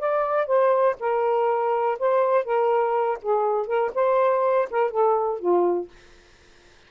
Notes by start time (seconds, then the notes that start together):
0.00 D5
0.47 C5
1.00 A#4
1.99 C5
2.45 A#4
3.22 G#4
3.67 A#4
3.95 C5
4.71 A#4
4.91 A4
5.39 F4